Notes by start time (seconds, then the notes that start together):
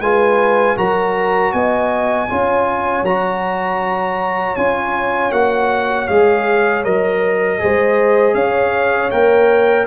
0.00 G#3 F4 B4 G#5
0.76 F#3 F#4 A#4 A#5
1.52 B3 D#5 G#5
2.29 C#4 F4 C#5
3.02 F#3 F#4 A#5
4.56 C#4 F4 G#5
5.31 A#3 F#4 F#5
6.07 G#3 G#4 F5
6.84 F#3 A#4 D#5
7.59 G#3 G#4 C5
8.34 C#4 C#5 F5
9.10 A#3 A#4 G5